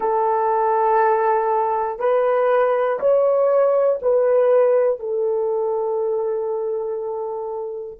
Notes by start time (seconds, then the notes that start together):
0.00 A4
1.99 B4
3.00 C#5
4.01 B4
5.00 A4